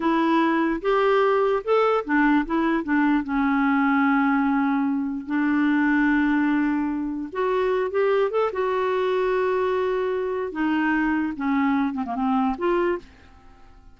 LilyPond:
\new Staff \with { instrumentName = "clarinet" } { \time 4/4 \tempo 4 = 148 e'2 g'2 | a'4 d'4 e'4 d'4 | cis'1~ | cis'4 d'2.~ |
d'2 fis'4. g'8~ | g'8 a'8 fis'2.~ | fis'2 dis'2 | cis'4. c'16 ais16 c'4 f'4 | }